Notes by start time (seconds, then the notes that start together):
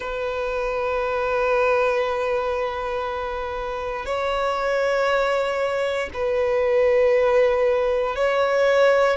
0.00 B4
4.05 C#5
6.13 B4
8.15 C#5